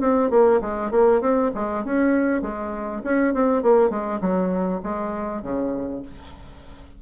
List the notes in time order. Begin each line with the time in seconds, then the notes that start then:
0.00 C4
0.30 A#3
0.61 G#3
0.91 A#3
1.21 C4
1.55 G#3
1.84 C#4
2.42 G#3
3.04 C#4
3.34 C4
3.62 A#3
3.90 G#3
4.21 F#3
4.83 G#3
5.42 C#3